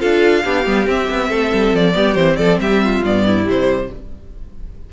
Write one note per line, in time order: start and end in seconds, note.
0.00 0.46 D4
0.00 0.43 F4
0.00 0.44 A4
0.00 0.88 F5
0.44 0.66 B3
0.44 0.66 D4
0.44 1.29 G4
0.66 0.87 G3
0.66 0.87 B3
0.87 1.08 C4
0.87 1.94 C4
0.87 1.76 E5
1.10 1.30 B3
1.29 1.52 A3
1.29 1.94 A4
1.54 1.74 G3
1.74 1.95 F3
1.74 2.15 D5
1.94 2.16 G3
1.94 2.15 B3
1.94 2.38 G4
2.15 2.37 E3
2.15 3.04 C4
2.15 2.37 C5
2.37 2.59 F3
2.37 2.60 A4
2.37 2.58 D5
2.59 3.02 G3
2.59 2.83 G4
2.59 3.04 E5
2.84 3.26 F4
3.03 3.46 G2
3.03 3.45 B3
3.03 3.48 D5
3.26 3.91 E4
3.45 3.90 C3
3.45 3.88 G3
3.45 3.92 C5